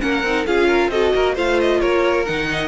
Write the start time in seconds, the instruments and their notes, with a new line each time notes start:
0.00 cello A#3, viola C#4, violin A#4 F#5
0.23 cello C4, viola D#4
0.46 cello C#4, viola F4, violin G#4 F5
0.68 violin A#4
0.88 cello C4, viola F#4, violin A4 D#5
1.15 cello A#3, violin A#4
1.34 cello A3, viola F4, violin C5 F5
1.60 violin D#5
1.80 cello A#3, violin A#4 C#5
2.25 cello D#3, viola D#4, violin F#5
2.51 violin D#5